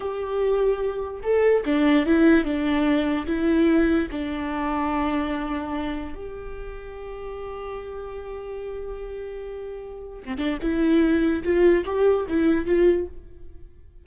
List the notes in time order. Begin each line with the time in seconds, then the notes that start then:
0.00 G4
1.22 A4
1.65 D4
2.06 E4
2.44 D4
3.26 E4
4.11 D4
6.14 G4
10.24 C4
10.37 D4
10.61 E4
11.43 F4
11.85 G4
12.28 E4
12.66 F4